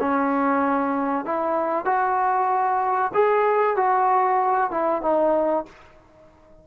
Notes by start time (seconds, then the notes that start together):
0.00 C#4
1.25 E4
1.85 F#4
3.14 G#4
3.77 F#4
4.71 E4
5.02 D#4